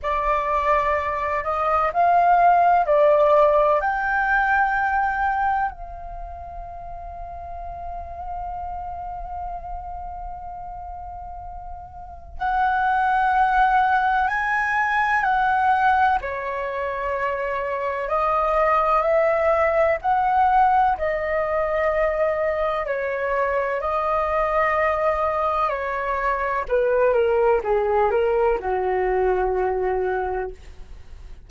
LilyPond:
\new Staff \with { instrumentName = "flute" } { \time 4/4 \tempo 4 = 63 d''4. dis''8 f''4 d''4 | g''2 f''2~ | f''1~ | f''4 fis''2 gis''4 |
fis''4 cis''2 dis''4 | e''4 fis''4 dis''2 | cis''4 dis''2 cis''4 | b'8 ais'8 gis'8 ais'8 fis'2 | }